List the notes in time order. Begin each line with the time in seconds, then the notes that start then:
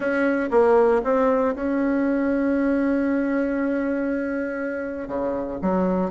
0.00 C#4
0.50 A#3
1.04 C4
1.55 C#4
5.08 C#3
5.61 F#3